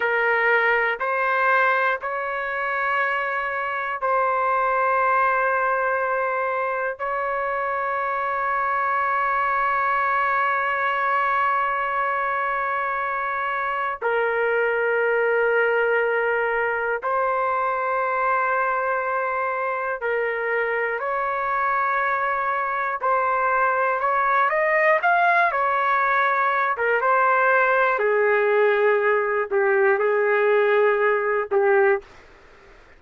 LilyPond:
\new Staff \with { instrumentName = "trumpet" } { \time 4/4 \tempo 4 = 60 ais'4 c''4 cis''2 | c''2. cis''4~ | cis''1~ | cis''2 ais'2~ |
ais'4 c''2. | ais'4 cis''2 c''4 | cis''8 dis''8 f''8 cis''4~ cis''16 ais'16 c''4 | gis'4. g'8 gis'4. g'8 | }